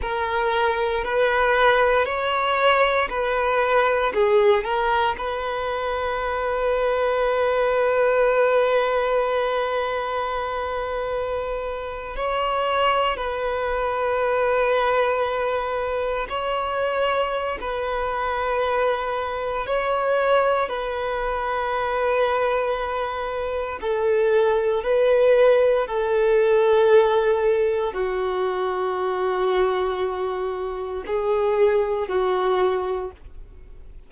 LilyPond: \new Staff \with { instrumentName = "violin" } { \time 4/4 \tempo 4 = 58 ais'4 b'4 cis''4 b'4 | gis'8 ais'8 b'2.~ | b'2.~ b'8. cis''16~ | cis''8. b'2. cis''16~ |
cis''4 b'2 cis''4 | b'2. a'4 | b'4 a'2 fis'4~ | fis'2 gis'4 fis'4 | }